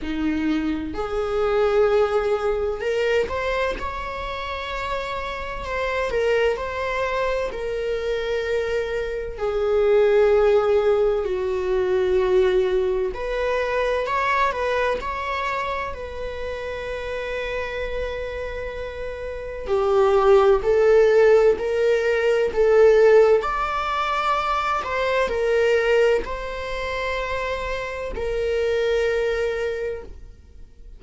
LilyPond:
\new Staff \with { instrumentName = "viola" } { \time 4/4 \tempo 4 = 64 dis'4 gis'2 ais'8 c''8 | cis''2 c''8 ais'8 c''4 | ais'2 gis'2 | fis'2 b'4 cis''8 b'8 |
cis''4 b'2.~ | b'4 g'4 a'4 ais'4 | a'4 d''4. c''8 ais'4 | c''2 ais'2 | }